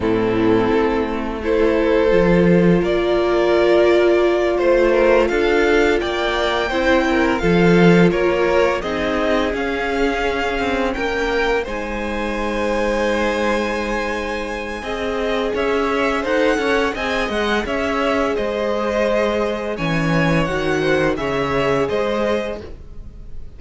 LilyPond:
<<
  \new Staff \with { instrumentName = "violin" } { \time 4/4 \tempo 4 = 85 a'2 c''2 | d''2~ d''8 c''4 f''8~ | f''8 g''2 f''4 cis''8~ | cis''8 dis''4 f''2 g''8~ |
g''8 gis''2.~ gis''8~ | gis''2 e''4 fis''4 | gis''8 fis''8 e''4 dis''2 | gis''4 fis''4 e''4 dis''4 | }
  \new Staff \with { instrumentName = "violin" } { \time 4/4 e'2 a'2 | ais'2~ ais'8 c''8 ais'8 a'8~ | a'8 d''4 c''8 ais'8 a'4 ais'8~ | ais'8 gis'2. ais'8~ |
ais'8 c''2.~ c''8~ | c''4 dis''4 cis''4 c''8 cis''8 | dis''4 cis''4 c''2 | cis''4. c''8 cis''4 c''4 | }
  \new Staff \with { instrumentName = "viola" } { \time 4/4 c'2 e'4 f'4~ | f'1~ | f'4. e'4 f'4.~ | f'8 dis'4 cis'2~ cis'8~ |
cis'8 dis'2.~ dis'8~ | dis'4 gis'2 a'4 | gis'1 | cis'4 fis'4 gis'2 | }
  \new Staff \with { instrumentName = "cello" } { \time 4/4 a,4 a2 f4 | ais2~ ais8 a4 d'8~ | d'8 ais4 c'4 f4 ais8~ | ais8 c'4 cis'4. c'8 ais8~ |
ais8 gis2.~ gis8~ | gis4 c'4 cis'4 dis'8 cis'8 | c'8 gis8 cis'4 gis2 | e4 dis4 cis4 gis4 | }
>>